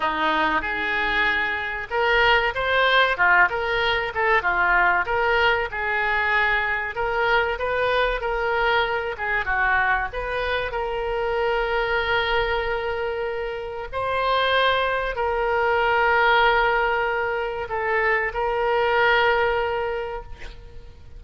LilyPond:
\new Staff \with { instrumentName = "oboe" } { \time 4/4 \tempo 4 = 95 dis'4 gis'2 ais'4 | c''4 f'8 ais'4 a'8 f'4 | ais'4 gis'2 ais'4 | b'4 ais'4. gis'8 fis'4 |
b'4 ais'2.~ | ais'2 c''2 | ais'1 | a'4 ais'2. | }